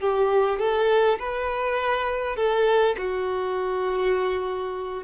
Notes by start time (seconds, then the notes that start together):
0.00 G4
0.59 A4
1.19 B4
2.36 A4
2.98 F#4